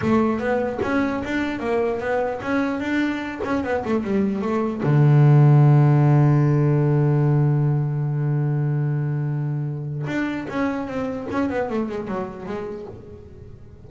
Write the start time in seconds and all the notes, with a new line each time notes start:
0.01 A3
0.39 B3
0.82 C#4
1.24 D4
1.59 A#3
2.00 B3
2.42 C#4
2.79 D4
3.44 C#4
3.63 B3
3.85 A3
4.03 G3
4.41 A3
4.82 D3
10.06 D4
10.49 C#4
10.87 C4
11.31 C#4
11.49 B3
11.69 A3
11.88 G#3
12.07 F#3
12.46 G#3